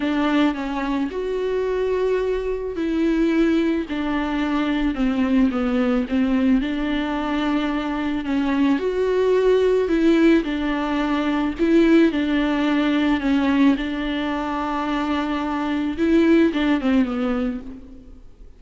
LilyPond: \new Staff \with { instrumentName = "viola" } { \time 4/4 \tempo 4 = 109 d'4 cis'4 fis'2~ | fis'4 e'2 d'4~ | d'4 c'4 b4 c'4 | d'2. cis'4 |
fis'2 e'4 d'4~ | d'4 e'4 d'2 | cis'4 d'2.~ | d'4 e'4 d'8 c'8 b4 | }